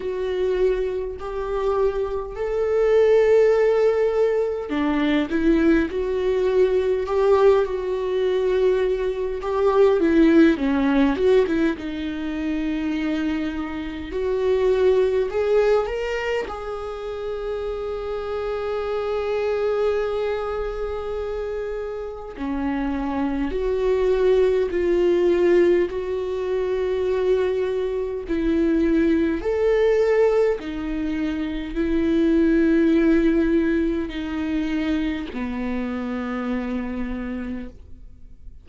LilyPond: \new Staff \with { instrumentName = "viola" } { \time 4/4 \tempo 4 = 51 fis'4 g'4 a'2 | d'8 e'8 fis'4 g'8 fis'4. | g'8 e'8 cis'8 fis'16 e'16 dis'2 | fis'4 gis'8 ais'8 gis'2~ |
gis'2. cis'4 | fis'4 f'4 fis'2 | e'4 a'4 dis'4 e'4~ | e'4 dis'4 b2 | }